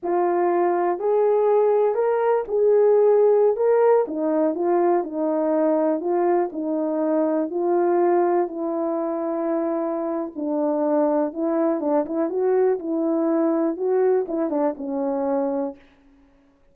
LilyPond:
\new Staff \with { instrumentName = "horn" } { \time 4/4 \tempo 4 = 122 f'2 gis'2 | ais'4 gis'2~ gis'16 ais'8.~ | ais'16 dis'4 f'4 dis'4.~ dis'16~ | dis'16 f'4 dis'2 f'8.~ |
f'4~ f'16 e'2~ e'8.~ | e'4 d'2 e'4 | d'8 e'8 fis'4 e'2 | fis'4 e'8 d'8 cis'2 | }